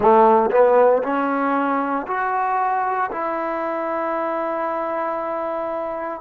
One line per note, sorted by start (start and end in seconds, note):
0.00 0.50 A3
0.50 1.02 B3
1.03 2.06 C#4
2.07 3.10 F#4
3.11 6.20 E4